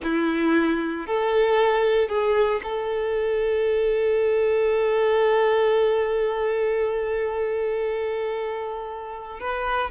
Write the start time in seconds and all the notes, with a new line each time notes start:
0.03 E4
1.06 A4
2.09 G#4
2.63 A4
9.40 B4